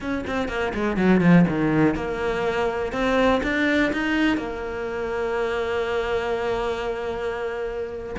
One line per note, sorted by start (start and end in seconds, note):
0.00 0.25 C#4
0.26 0.48 C4
0.48 0.72 A#3
0.74 0.96 G#3
0.96 1.20 F#3
1.20 1.45 F3
1.48 1.95 D#3
1.95 2.92 A#3
2.92 3.41 C4
3.43 3.92 D4
3.93 4.37 D#4
4.37 8.15 A#3